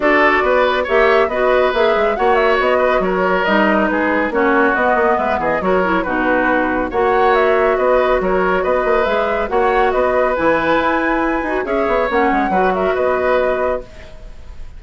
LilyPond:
<<
  \new Staff \with { instrumentName = "flute" } { \time 4/4 \tempo 4 = 139 d''2 e''4 dis''4 | e''4 fis''8 e''8 dis''4 cis''4 | dis''4 b'4 cis''4 dis''4 | e''8 dis''8 cis''4 b'2 |
fis''4 e''4 dis''4 cis''4 | dis''4 e''4 fis''4 dis''4 | gis''2. e''4 | fis''4. e''8 dis''2 | }
  \new Staff \with { instrumentName = "oboe" } { \time 4/4 a'4 b'4 cis''4 b'4~ | b'4 cis''4. b'8 ais'4~ | ais'4 gis'4 fis'2 | b'8 gis'8 ais'4 fis'2 |
cis''2 b'4 ais'4 | b'2 cis''4 b'4~ | b'2. cis''4~ | cis''4 b'8 ais'8 b'2 | }
  \new Staff \with { instrumentName = "clarinet" } { \time 4/4 fis'2 g'4 fis'4 | gis'4 fis'2. | dis'2 cis'4 b4~ | b4 fis'8 e'8 dis'2 |
fis'1~ | fis'4 gis'4 fis'2 | e'2~ e'8 fis'8 gis'4 | cis'4 fis'2. | }
  \new Staff \with { instrumentName = "bassoon" } { \time 4/4 d'4 b4 ais4 b4 | ais8 gis8 ais4 b4 fis4 | g4 gis4 ais4 b8 ais8 | gis8 e8 fis4 b,2 |
ais2 b4 fis4 | b8 ais8 gis4 ais4 b4 | e4 e'4. dis'8 cis'8 b8 | ais8 gis8 fis4 b2 | }
>>